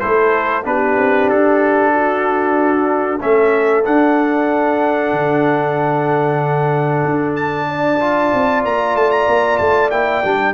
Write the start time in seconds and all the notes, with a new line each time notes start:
0.00 A3 E4 A4 C5
0.64 B3 D4 G4 B4
0.98 C4
1.30 D4 A4
1.94 F#4
3.21 A3 C#4 A4 E5
3.85 D4 F#5
5.13 D3
7.05 D4
7.36 A5
7.68 D5
8.01 F4
8.34 C4
8.65 A#3 A#5
8.95 A3 A5
9.11 A#5
9.28 A#3
9.58 A3 A5
9.91 A#3 E4 G5
10.25 G3 D4